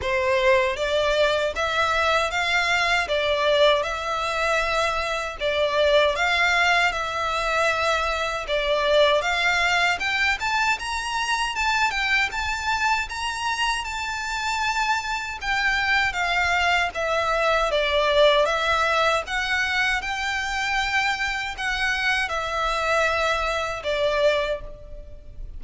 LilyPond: \new Staff \with { instrumentName = "violin" } { \time 4/4 \tempo 4 = 78 c''4 d''4 e''4 f''4 | d''4 e''2 d''4 | f''4 e''2 d''4 | f''4 g''8 a''8 ais''4 a''8 g''8 |
a''4 ais''4 a''2 | g''4 f''4 e''4 d''4 | e''4 fis''4 g''2 | fis''4 e''2 d''4 | }